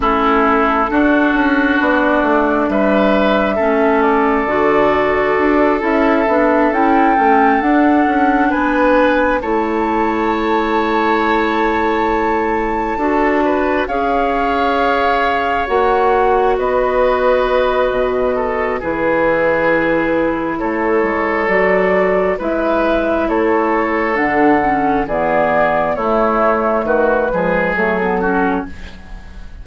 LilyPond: <<
  \new Staff \with { instrumentName = "flute" } { \time 4/4 \tempo 4 = 67 a'2 d''4 e''4~ | e''8 d''2 e''4 g''8~ | g''8 fis''4 gis''4 a''4.~ | a''2.~ a''8 f''8~ |
f''4. fis''4 dis''4.~ | dis''4 b'2 cis''4 | d''4 e''4 cis''4 fis''4 | d''4 cis''4 b'4 a'4 | }
  \new Staff \with { instrumentName = "oboe" } { \time 4/4 e'4 fis'2 b'4 | a'1~ | a'4. b'4 cis''4.~ | cis''2~ cis''8 a'8 b'8 cis''8~ |
cis''2~ cis''8 b'4.~ | b'8 a'8 gis'2 a'4~ | a'4 b'4 a'2 | gis'4 e'4 fis'8 gis'4 fis'8 | }
  \new Staff \with { instrumentName = "clarinet" } { \time 4/4 cis'4 d'2. | cis'4 fis'4. e'8 d'8 e'8 | cis'8 d'2 e'4.~ | e'2~ e'8 fis'4 gis'8~ |
gis'4. fis'2~ fis'8~ | fis'4 e'2. | fis'4 e'2 d'8 cis'8 | b4 a4. gis8 a16 b16 cis'8 | }
  \new Staff \with { instrumentName = "bassoon" } { \time 4/4 a4 d'8 cis'8 b8 a8 g4 | a4 d4 d'8 cis'8 b8 cis'8 | a8 d'8 cis'8 b4 a4.~ | a2~ a8 d'4 cis'8~ |
cis'4. ais4 b4. | b,4 e2 a8 gis8 | fis4 gis4 a4 d4 | e4 a4 dis8 f8 fis4 | }
>>